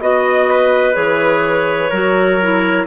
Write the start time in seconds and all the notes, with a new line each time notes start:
0.00 B3 F#4 D#5
0.50 B4
0.93 E3 G#4 C#5
1.90 F#3 F#4 A#4
2.42 E4